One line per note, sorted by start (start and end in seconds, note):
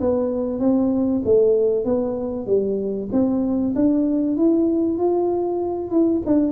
0.00 0.59 B3
0.59 1.22 C4
1.24 1.84 A3
1.84 2.46 B3
2.46 3.09 G3
3.12 3.74 C4
3.75 4.37 D4
4.37 4.98 E4
4.98 5.90 F4
5.90 6.22 E4
6.26 6.51 D4